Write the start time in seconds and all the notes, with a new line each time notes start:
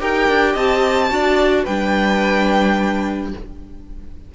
0.00 D#4 G4 A#4 G5
0.29 D4
0.53 C4 D#5 A5
1.10 D4 F#4 D5
1.64 G3 D4 B4 G5